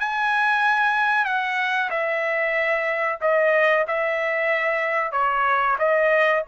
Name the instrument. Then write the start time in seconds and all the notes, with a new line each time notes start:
trumpet
0.00 G#5
1.25 F#5
1.90 E5
3.21 D#5
3.88 E5
5.12 C#5
5.79 D#5